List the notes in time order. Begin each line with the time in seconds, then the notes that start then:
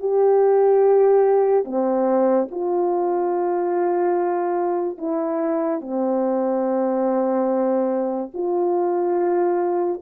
0.00 G4
1.65 C4
2.51 F4
4.98 E4
5.81 C4
8.34 F4